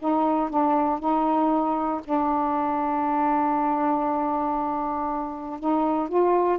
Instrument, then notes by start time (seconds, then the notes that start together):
saxophone
0.00 D#4
0.50 D4
1.00 D#4
2.05 D4
5.60 D#4
6.09 F4